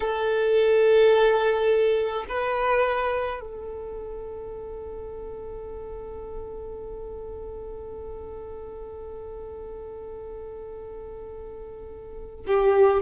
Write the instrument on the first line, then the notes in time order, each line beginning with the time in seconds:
violin
0.00 A4
2.28 B4
3.40 A4
12.46 G4